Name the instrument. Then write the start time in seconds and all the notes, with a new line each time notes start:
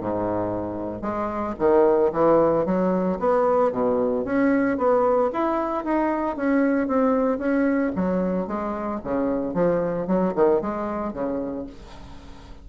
bassoon
0.00 G#2
1.01 G#3
1.59 D#3
2.12 E3
2.65 F#3
3.19 B3
3.72 B2
4.24 C#4
4.77 B3
5.32 E4
5.84 D#4
6.36 C#4
6.87 C4
7.38 C#4
7.95 F#3
8.47 G#3
9.04 C#3
9.54 F3
10.07 F#3
10.35 D#3
10.61 G#3
11.13 C#3